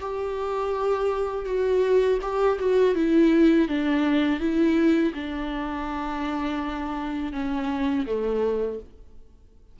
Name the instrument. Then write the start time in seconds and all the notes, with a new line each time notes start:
viola
0.00 G4
1.45 F#4
2.22 G4
2.59 F#4
2.95 E4
3.68 D4
4.40 E4
5.14 D4
7.32 C#4
8.06 A3